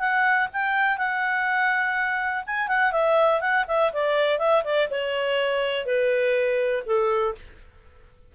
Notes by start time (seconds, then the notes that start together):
0.00 F#5
0.53 G5
0.98 F#5
2.47 G#5
2.69 F#5
2.92 E5
3.41 F#5
3.68 E5
3.93 D5
4.39 E5
4.64 D5
4.91 C#5
5.86 B4
6.86 A4